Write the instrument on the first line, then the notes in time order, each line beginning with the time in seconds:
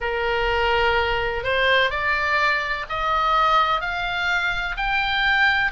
oboe
0.00 A#4
1.43 C5
1.90 D5
2.89 D#5
3.81 F5
4.76 G5